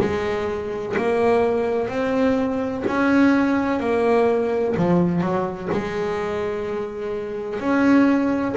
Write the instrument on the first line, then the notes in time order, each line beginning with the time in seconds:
double bass
0.00 G#3
0.97 A#3
1.89 C4
2.87 C#4
3.80 A#3
4.77 F3
5.21 F#3
5.72 G#3
7.60 C#4